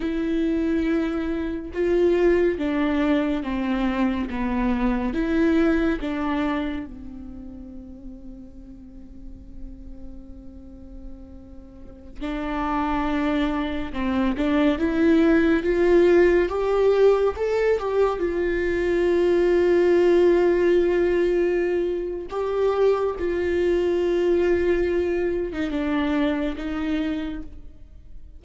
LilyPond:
\new Staff \with { instrumentName = "viola" } { \time 4/4 \tempo 4 = 70 e'2 f'4 d'4 | c'4 b4 e'4 d'4 | c'1~ | c'2~ c'16 d'4.~ d'16~ |
d'16 c'8 d'8 e'4 f'4 g'8.~ | g'16 a'8 g'8 f'2~ f'8.~ | f'2 g'4 f'4~ | f'4.~ f'16 dis'16 d'4 dis'4 | }